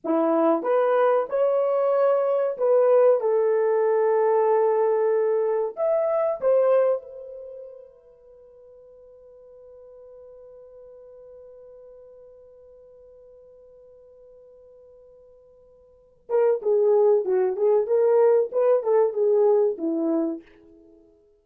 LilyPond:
\new Staff \with { instrumentName = "horn" } { \time 4/4 \tempo 4 = 94 e'4 b'4 cis''2 | b'4 a'2.~ | a'4 e''4 c''4 b'4~ | b'1~ |
b'1~ | b'1~ | b'4. ais'8 gis'4 fis'8 gis'8 | ais'4 b'8 a'8 gis'4 e'4 | }